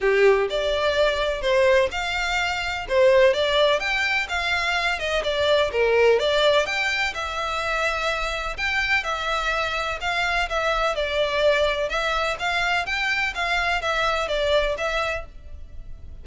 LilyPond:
\new Staff \with { instrumentName = "violin" } { \time 4/4 \tempo 4 = 126 g'4 d''2 c''4 | f''2 c''4 d''4 | g''4 f''4. dis''8 d''4 | ais'4 d''4 g''4 e''4~ |
e''2 g''4 e''4~ | e''4 f''4 e''4 d''4~ | d''4 e''4 f''4 g''4 | f''4 e''4 d''4 e''4 | }